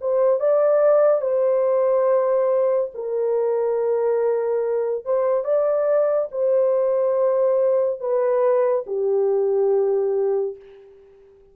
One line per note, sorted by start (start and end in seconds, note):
0.00 0.40 C5
0.40 1.21 D5
1.21 2.90 C5
2.94 5.05 A#4
5.05 5.44 C5
5.44 6.28 D5
6.31 8.00 C5
8.00 8.84 B4
8.87 10.56 G4